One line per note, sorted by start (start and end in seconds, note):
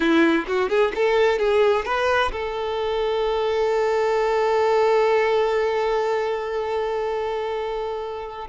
0.00 0.45 E4
0.47 0.69 F#4
0.69 0.92 G#4
0.95 1.38 A4
1.38 1.85 G#4
1.85 2.31 B4
2.32 8.48 A4